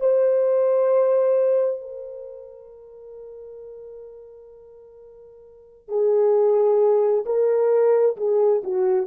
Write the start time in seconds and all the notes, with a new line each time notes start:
0.00 C5
1.81 A#4
5.88 G#4
7.26 A#4
8.17 G#4
8.64 F#4